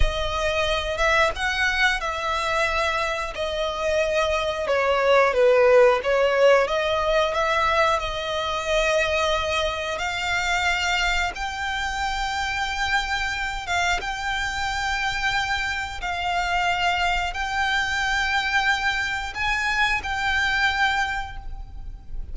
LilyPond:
\new Staff \with { instrumentName = "violin" } { \time 4/4 \tempo 4 = 90 dis''4. e''8 fis''4 e''4~ | e''4 dis''2 cis''4 | b'4 cis''4 dis''4 e''4 | dis''2. f''4~ |
f''4 g''2.~ | g''8 f''8 g''2. | f''2 g''2~ | g''4 gis''4 g''2 | }